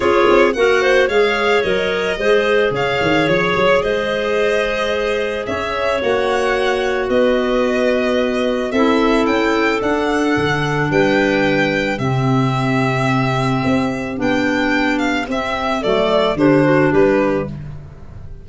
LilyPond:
<<
  \new Staff \with { instrumentName = "violin" } { \time 4/4 \tempo 4 = 110 cis''4 fis''4 f''4 dis''4~ | dis''4 f''4 cis''4 dis''4~ | dis''2 e''4 fis''4~ | fis''4 dis''2. |
e''4 g''4 fis''2 | g''2 e''2~ | e''2 g''4. f''8 | e''4 d''4 c''4 b'4 | }
  \new Staff \with { instrumentName = "clarinet" } { \time 4/4 gis'4 ais'8 c''8 cis''2 | c''4 cis''2 c''4~ | c''2 cis''2~ | cis''4 b'2. |
a'1 | b'2 g'2~ | g'1~ | g'4 a'4 g'8 fis'8 g'4 | }
  \new Staff \with { instrumentName = "clarinet" } { \time 4/4 f'4 fis'4 gis'4 ais'4 | gis'1~ | gis'2. fis'4~ | fis'1 |
e'2 d'2~ | d'2 c'2~ | c'2 d'2 | c'4 a4 d'2 | }
  \new Staff \with { instrumentName = "tuba" } { \time 4/4 cis'8 c'8 ais4 gis4 fis4 | gis4 cis8 dis8 f8 fis8 gis4~ | gis2 cis'4 ais4~ | ais4 b2. |
c'4 cis'4 d'4 d4 | g2 c2~ | c4 c'4 b2 | c'4 fis4 d4 g4 | }
>>